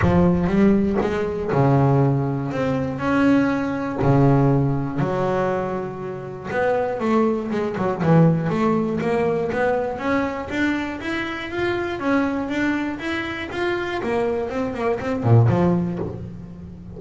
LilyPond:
\new Staff \with { instrumentName = "double bass" } { \time 4/4 \tempo 4 = 120 f4 g4 gis4 cis4~ | cis4 c'4 cis'2 | cis2 fis2~ | fis4 b4 a4 gis8 fis8 |
e4 a4 ais4 b4 | cis'4 d'4 e'4 f'4 | cis'4 d'4 e'4 f'4 | ais4 c'8 ais8 c'8 ais,8 f4 | }